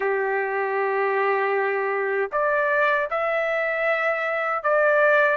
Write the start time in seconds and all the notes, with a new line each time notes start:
0.00 G4
2.31 D5
3.10 E5
4.63 D5